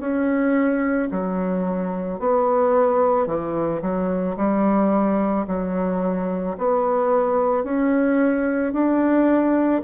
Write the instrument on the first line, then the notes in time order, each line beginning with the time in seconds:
bassoon
0.00 C#4
1.12 F#3
2.20 B3
3.27 E3
3.82 F#3
4.37 G3
5.48 F#3
6.59 B3
7.65 C#4
8.73 D4